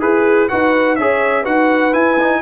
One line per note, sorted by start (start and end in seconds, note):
0.00 0.50 E4
0.00 0.48 G#4
0.00 0.50 G#4
0.00 0.49 B4
0.49 0.98 D#4
0.49 0.98 F#4
0.49 0.97 B4
0.49 0.95 F#5
0.95 1.46 C#4
0.95 1.44 G#4
0.95 1.42 C#5
0.95 1.44 E5
1.42 1.94 D#4
1.42 1.92 F#4
1.42 2.39 B4
1.42 1.93 F#5
1.92 2.17 E4
1.92 2.42 E4
1.92 2.42 G#5
2.19 2.42 D#4